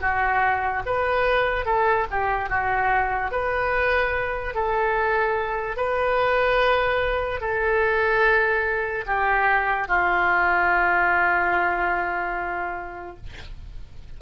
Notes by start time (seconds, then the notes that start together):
0.00 F#4
0.86 B4
1.65 A4
2.10 G4
2.49 F#4
3.31 B4
4.54 A4
5.76 B4
7.40 A4
9.06 G4
9.87 F4